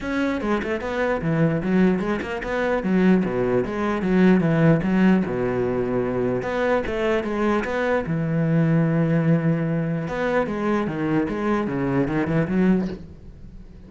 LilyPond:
\new Staff \with { instrumentName = "cello" } { \time 4/4 \tempo 4 = 149 cis'4 gis8 a8 b4 e4 | fis4 gis8 ais8 b4 fis4 | b,4 gis4 fis4 e4 | fis4 b,2. |
b4 a4 gis4 b4 | e1~ | e4 b4 gis4 dis4 | gis4 cis4 dis8 e8 fis4 | }